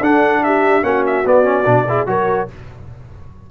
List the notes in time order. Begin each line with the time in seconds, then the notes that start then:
0.00 D4 A4 F#5
0.43 G4 E5
0.82 A#3 C#4 F#4 F#5
1.06 E5
1.25 B3 D5
1.43 C#4
1.65 B2 D4
1.88 E4 G#4
2.07 F#3 F#4 A#4 C#5